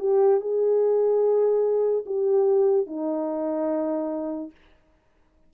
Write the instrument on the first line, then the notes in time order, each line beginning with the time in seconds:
horn
0.00 G4
0.41 G#4
2.06 G4
2.87 D#4